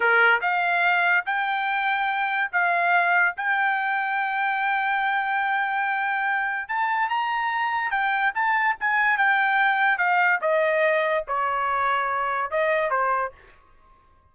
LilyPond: \new Staff \with { instrumentName = "trumpet" } { \time 4/4 \tempo 4 = 144 ais'4 f''2 g''4~ | g''2 f''2 | g''1~ | g''1 |
a''4 ais''2 g''4 | a''4 gis''4 g''2 | f''4 dis''2 cis''4~ | cis''2 dis''4 c''4 | }